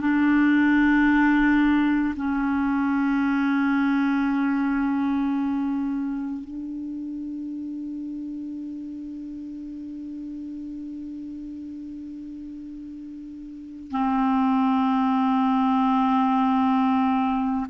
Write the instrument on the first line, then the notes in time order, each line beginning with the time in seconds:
clarinet
0.00 D4
2.16 C#4
6.44 D4
13.91 C4